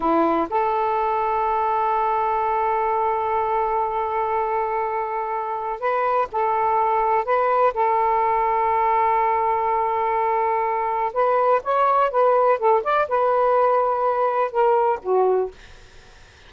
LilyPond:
\new Staff \with { instrumentName = "saxophone" } { \time 4/4 \tempo 4 = 124 e'4 a'2.~ | a'1~ | a'1 | b'4 a'2 b'4 |
a'1~ | a'2. b'4 | cis''4 b'4 a'8 d''8 b'4~ | b'2 ais'4 fis'4 | }